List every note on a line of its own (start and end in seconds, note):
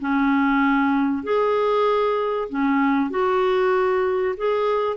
0.00 1.23 C#4
1.23 2.48 G#4
2.49 3.10 C#4
3.10 4.35 F#4
4.37 4.96 G#4